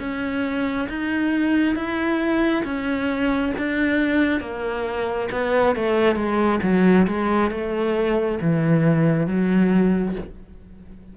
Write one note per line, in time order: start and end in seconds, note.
0.00 0.88 C#4
0.89 1.76 D#4
1.76 2.64 E4
2.65 3.53 C#4
3.59 4.41 D4
4.41 5.29 A#3
5.32 5.76 B3
5.76 6.16 A3
6.16 6.60 G#3
6.63 7.07 F#3
7.07 7.51 G#3
7.51 8.39 A3
8.42 9.27 E3
9.27 10.16 F#3